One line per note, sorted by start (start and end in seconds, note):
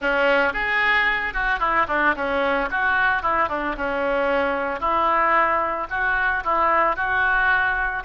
0.01 0.53 C#4
0.53 1.33 G#4
1.33 1.59 F#4
1.59 1.86 E4
1.87 2.14 D4
2.16 2.69 C#4
2.70 3.22 F#4
3.22 3.48 E4
3.48 3.75 D4
3.76 4.80 C#4
4.80 5.87 E4
5.90 6.43 F#4
6.44 6.96 E4
6.96 8.03 F#4